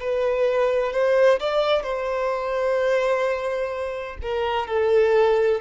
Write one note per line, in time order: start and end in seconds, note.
0.00 0.93 B4
0.93 1.40 C5
1.40 1.83 D5
1.83 4.18 C5
4.22 4.68 A#4
4.68 5.61 A4